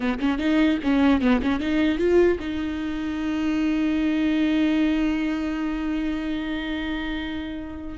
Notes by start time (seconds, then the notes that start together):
0.00 B3
0.19 C#4
0.38 D#4
0.83 C#4
1.21 B3
1.42 C#4
1.59 D#4
1.98 F4
2.39 D#4